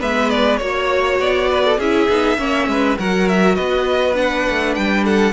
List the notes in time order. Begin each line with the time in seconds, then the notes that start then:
0.00 G#3 B3 B4 E5
0.30 D5
0.57 A#3 F#4 C#5
1.19 B3 D5
1.51 B4
1.65 A4
1.79 C#4 E4 G#4 E5
2.09 B3 D#4
2.38 A#3 C#4 C#5
2.68 G#3 B4
2.98 F#3 F#4 A#4 F#5
3.28 E5
3.55 B3 B4 D#5
4.14 D4 F#5
4.49 A3
4.75 G3 G5
5.04 A4 F#5